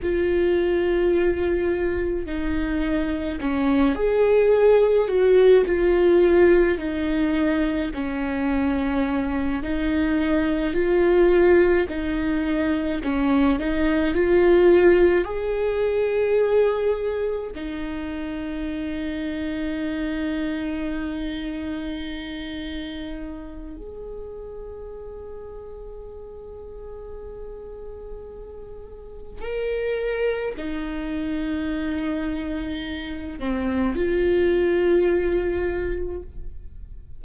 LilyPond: \new Staff \with { instrumentName = "viola" } { \time 4/4 \tempo 4 = 53 f'2 dis'4 cis'8 gis'8~ | gis'8 fis'8 f'4 dis'4 cis'4~ | cis'8 dis'4 f'4 dis'4 cis'8 | dis'8 f'4 gis'2 dis'8~ |
dis'1~ | dis'4 gis'2.~ | gis'2 ais'4 dis'4~ | dis'4. c'8 f'2 | }